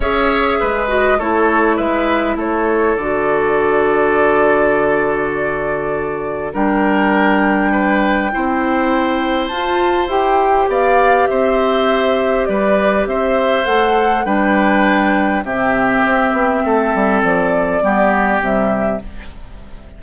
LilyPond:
<<
  \new Staff \with { instrumentName = "flute" } { \time 4/4 \tempo 4 = 101 e''4. dis''8 cis''4 e''4 | cis''4 d''2.~ | d''2. g''4~ | g''1 |
a''4 g''4 f''4 e''4~ | e''4 d''4 e''4 fis''4 | g''2 e''2~ | e''4 d''2 e''4 | }
  \new Staff \with { instrumentName = "oboe" } { \time 4/4 cis''4 b'4 a'4 b'4 | a'1~ | a'2. ais'4~ | ais'4 b'4 c''2~ |
c''2 d''4 c''4~ | c''4 b'4 c''2 | b'2 g'2 | a'2 g'2 | }
  \new Staff \with { instrumentName = "clarinet" } { \time 4/4 gis'4. fis'8 e'2~ | e'4 fis'2.~ | fis'2. d'4~ | d'2 e'2 |
f'4 g'2.~ | g'2. a'4 | d'2 c'2~ | c'2 b4 g4 | }
  \new Staff \with { instrumentName = "bassoon" } { \time 4/4 cis'4 gis4 a4 gis4 | a4 d2.~ | d2. g4~ | g2 c'2 |
f'4 e'4 b4 c'4~ | c'4 g4 c'4 a4 | g2 c4 c'8 b8 | a8 g8 f4 g4 c4 | }
>>